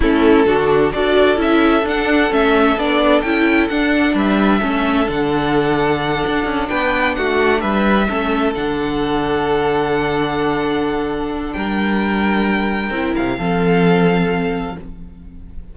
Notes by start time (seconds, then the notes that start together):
0.00 A3 C#4 E4 A4
0.46 D3 D4 F#4
0.92 D4 F#4 A4 D5
1.36 C#4 E4 E5
1.82 D4 F#5
2.30 A3 C#4 E5
2.76 B3 D4 D5
3.21 C#4 E4 G5
3.68 D4 F#5
4.14 G3 B4 E5
4.60 A3 C#4 A4
5.06 D3 D4 F#5
6.26 D4
6.44 C#4
6.69 B3 B4 G5
7.15 A3 F#4 F#5
7.60 G3 B4 E5
8.08 A3 C#4 A4
8.54 D3 D4 F#5
11.53 G3 A#4 G5
12.90 C4 E4
13.15 C3 F5
13.37 F3 C4 A4